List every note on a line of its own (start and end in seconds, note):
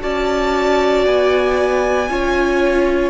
0.00 1.05 C#4
0.00 2.07 F#4
0.00 2.09 D5
0.00 1.05 A5
1.05 2.09 B3
1.05 3.09 G#5
2.09 3.09 C#4
2.09 3.09 F4
2.09 3.09 C#5